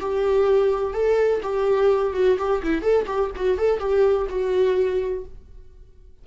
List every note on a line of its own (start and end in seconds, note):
0.00 0.93 G4
0.93 1.41 A4
1.43 2.14 G4
2.14 2.37 F#4
2.38 2.62 G4
2.63 2.82 E4
2.82 3.05 A4
3.06 3.30 G4
3.36 3.58 F#4
3.58 3.79 A4
3.79 4.27 G4
4.29 5.24 F#4